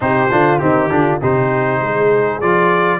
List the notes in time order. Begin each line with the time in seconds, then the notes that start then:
0.00 C3 D#4 G4 C5
0.31 D3 D4 F4
0.58 D#3 C4 D#4 G4
0.90 D3 D4 F4
1.20 C3 D#4 G4 C5
1.80 G#3 G#4
2.41 F3 F4 D5